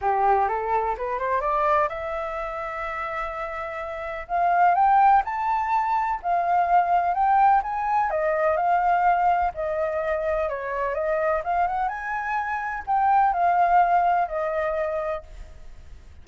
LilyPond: \new Staff \with { instrumentName = "flute" } { \time 4/4 \tempo 4 = 126 g'4 a'4 b'8 c''8 d''4 | e''1~ | e''4 f''4 g''4 a''4~ | a''4 f''2 g''4 |
gis''4 dis''4 f''2 | dis''2 cis''4 dis''4 | f''8 fis''8 gis''2 g''4 | f''2 dis''2 | }